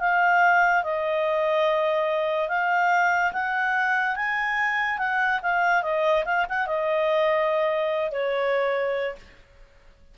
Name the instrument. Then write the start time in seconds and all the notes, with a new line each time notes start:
clarinet
0.00 F5
0.83 D#5
2.49 F5
3.33 F#5
4.16 G#5
4.98 F#5
5.42 F5
5.83 D#5
6.25 F5
6.49 F#5
6.67 D#5
8.11 C#5